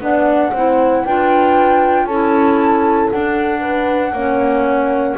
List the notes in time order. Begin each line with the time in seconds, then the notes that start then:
0.00 B3 D4 D5 F#5
0.52 C4 E4 C5
1.05 D4 F4 B4 G5
2.06 C#4 E4 A4 A5
3.11 D4 F#5
3.60 B4
4.12 A#3 C#4 C#5